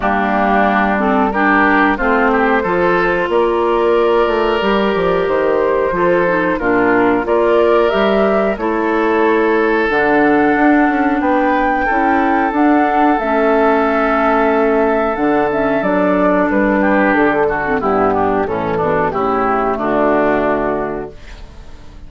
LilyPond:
<<
  \new Staff \with { instrumentName = "flute" } { \time 4/4 \tempo 4 = 91 g'4. a'8 ais'4 c''4~ | c''4 d''2. | c''2 ais'4 d''4 | e''4 cis''2 fis''4~ |
fis''4 g''2 fis''4 | e''2. fis''8 e''8 | d''4 b'4 a'4 g'4 | a'4 g'4 fis'2 | }
  \new Staff \with { instrumentName = "oboe" } { \time 4/4 d'2 g'4 f'8 g'8 | a'4 ais'2.~ | ais'4 a'4 f'4 ais'4~ | ais'4 a'2.~ |
a'4 b'4 a'2~ | a'1~ | a'4. g'4 fis'8 e'8 d'8 | cis'8 d'8 e'4 d'2 | }
  \new Staff \with { instrumentName = "clarinet" } { \time 4/4 ais4. c'8 d'4 c'4 | f'2. g'4~ | g'4 f'8 dis'8 d'4 f'4 | g'4 e'2 d'4~ |
d'2 e'4 d'4 | cis'2. d'8 cis'8 | d'2~ d'8. c'16 b4 | e4 a2. | }
  \new Staff \with { instrumentName = "bassoon" } { \time 4/4 g2. a4 | f4 ais4. a8 g8 f8 | dis4 f4 ais,4 ais4 | g4 a2 d4 |
d'8 cis'8 b4 cis'4 d'4 | a2. d4 | fis4 g4 d4 g,4 | a,8 b,8 cis4 d2 | }
>>